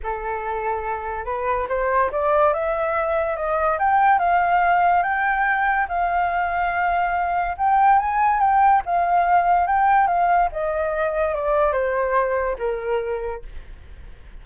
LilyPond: \new Staff \with { instrumentName = "flute" } { \time 4/4 \tempo 4 = 143 a'2. b'4 | c''4 d''4 e''2 | dis''4 g''4 f''2 | g''2 f''2~ |
f''2 g''4 gis''4 | g''4 f''2 g''4 | f''4 dis''2 d''4 | c''2 ais'2 | }